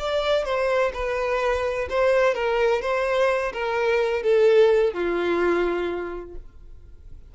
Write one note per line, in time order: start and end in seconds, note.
0.00 0.45 D5
0.45 0.93 C5
0.94 1.89 B4
1.90 2.35 C5
2.35 2.82 A#4
2.82 3.53 C5
3.53 4.23 A#4
4.23 4.94 A4
4.94 6.36 F4